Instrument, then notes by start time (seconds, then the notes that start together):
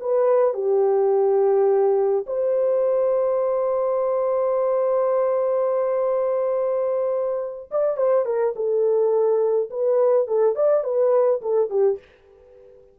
horn
0.00 B4
0.54 G4
2.26 C5
7.71 D5
7.97 C5
8.25 A#4
8.55 A4
9.70 B4
10.27 A4
10.55 D5
10.83 B4
11.41 A4
11.70 G4